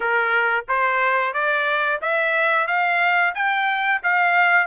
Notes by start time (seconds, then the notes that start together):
0.00 A#4
0.68 C5
1.33 D5
2.01 E5
2.67 F5
3.35 G5
4.03 F5